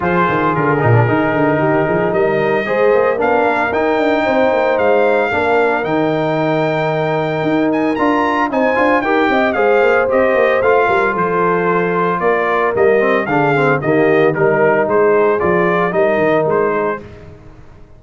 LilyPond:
<<
  \new Staff \with { instrumentName = "trumpet" } { \time 4/4 \tempo 4 = 113 c''4 ais'2. | dis''2 f''4 g''4~ | g''4 f''2 g''4~ | g''2~ g''8 gis''8 ais''4 |
gis''4 g''4 f''4 dis''4 | f''4 c''2 d''4 | dis''4 f''4 dis''4 ais'4 | c''4 d''4 dis''4 c''4 | }
  \new Staff \with { instrumentName = "horn" } { \time 4/4 gis'2. g'8 gis'8 | ais'4 c''4 ais'2 | c''2 ais'2~ | ais'1 |
c''4 ais'8 dis''8 c''2~ | c''8 ais'8 a'2 ais'4~ | ais'4 gis'4 g'4 ais'4 | gis'2 ais'4. gis'8 | }
  \new Staff \with { instrumentName = "trombone" } { \time 4/4 f'4. dis'16 d'16 dis'2~ | dis'4 gis'4 d'4 dis'4~ | dis'2 d'4 dis'4~ | dis'2. f'4 |
dis'8 f'8 g'4 gis'4 g'4 | f'1 | ais8 c'8 d'8 c'8 ais4 dis'4~ | dis'4 f'4 dis'2 | }
  \new Staff \with { instrumentName = "tuba" } { \time 4/4 f8 dis8 d8 ais,8 dis8 d8 dis8 f8 | g4 gis8 ais8 b8 ais8 dis'8 d'8 | c'8 ais8 gis4 ais4 dis4~ | dis2 dis'4 d'4 |
c'8 d'8 dis'8 c'8 gis8 ais8 c'8 ais8 | a8 g8 f2 ais4 | g4 d4 dis4 g4 | gis4 f4 g8 dis8 gis4 | }
>>